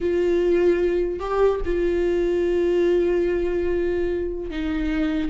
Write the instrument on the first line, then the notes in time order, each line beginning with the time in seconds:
viola
0.00 F4
1.19 G4
1.65 F4
4.50 D#4